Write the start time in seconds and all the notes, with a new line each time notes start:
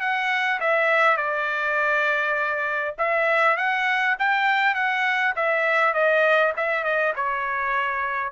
0.00 F#5
0.60 E5
1.16 D5
2.98 E5
3.57 F#5
4.19 G5
4.74 F#5
5.35 E5
5.93 D#5
6.56 E5
6.83 D#5
7.16 C#5